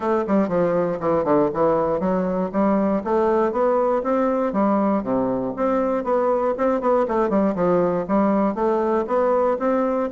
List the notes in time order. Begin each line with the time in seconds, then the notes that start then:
0.00 A3
0.27 G3
0.48 F3
1.00 E3
1.24 D3
1.53 E3
2.00 F#3
2.52 G3
3.04 A3
3.52 B3
4.03 C4
4.52 G3
5.03 C3
5.56 C4
6.04 B3
6.57 C4
6.81 B3
7.08 A3
7.29 G3
7.55 F3
8.08 G3
8.54 A3
9.07 B3
9.59 C4